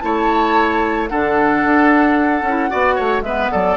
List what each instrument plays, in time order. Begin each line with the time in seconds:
0.00 bassoon A3, clarinet E4, oboe C#5, flute A5
1.08 bassoon D3, clarinet D4, oboe A4, flute F#5
1.64 bassoon D4
2.42 bassoon C#4
2.48 clarinet E4
2.69 bassoon B3, clarinet F#4, oboe D5
2.95 bassoon A3, oboe C#5
3.21 bassoon G#3, clarinet B3, oboe B4, flute E5
3.51 bassoon F#3, oboe A4, flute D5